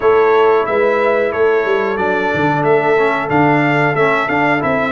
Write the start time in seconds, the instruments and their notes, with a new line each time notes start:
0.00 tuba A3, trombone E4, horn A4, trumpet C#5
0.66 tuba G#3, horn B4, trumpet E5
1.32 tuba A3, horn A4, trumpet C#5
1.65 tuba G3
1.97 tuba F#3, trombone D4, trumpet D5
2.34 tuba D3
2.63 tuba A3, trumpet E5
2.98 trombone C#4
3.29 tuba D3, trombone D4, trumpet F5
3.94 tuba A3, trombone C#4, trumpet E5
4.28 trombone D4, tuba D4, trumpet F5
4.59 tuba C4, trombone E4, trumpet E5